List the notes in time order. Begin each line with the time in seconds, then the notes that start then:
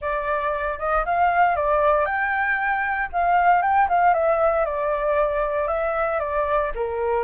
0.01 D5
0.79 D#5
1.05 F5
1.56 D5
2.05 G5
3.12 F5
3.62 G5
3.88 F5
4.13 E5
4.65 D5
5.67 E5
6.19 D5
6.74 A#4